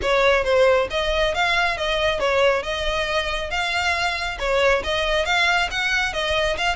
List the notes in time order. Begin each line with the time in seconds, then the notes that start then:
0.02 C#5
0.44 C5
0.90 D#5
1.34 F5
1.77 D#5
2.19 C#5
2.63 D#5
3.50 F5
4.39 C#5
4.83 D#5
5.25 F5
5.70 F#5
6.13 D#5
6.57 F5